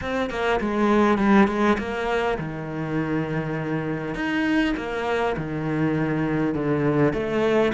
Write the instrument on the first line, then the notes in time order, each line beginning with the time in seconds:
cello
0.01 C4
0.30 A#3
0.60 G#3
1.18 G3
1.47 G#3
1.78 A#3
2.38 D#3
4.14 D#4
4.76 A#3
5.36 D#3
6.54 D3
7.13 A3